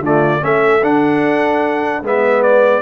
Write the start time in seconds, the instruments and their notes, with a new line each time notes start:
0.00 tuba D3, trombone A3, horn F4, trumpet D5
0.40 tuba A3, trombone C#4, horn A4, trumpet E5
0.82 tuba D4, trombone D4, trumpet F#5
2.02 tuba G#3, trombone B3, horn B4, trumpet E5
2.42 trumpet D5